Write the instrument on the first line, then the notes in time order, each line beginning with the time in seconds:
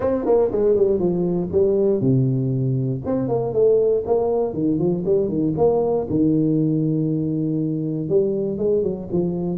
tuba
0.00 C4
0.25 A#3
0.51 G#3
0.75 G3
0.99 F3
1.52 G3
2.00 C3
3.05 C4
3.28 A#3
3.53 A3
4.06 A#3
4.53 D#3
4.78 F3
5.05 G3
5.28 D#3
5.57 A#3
6.09 D#3
8.08 G3
8.58 G#3
8.83 F#3
9.11 F3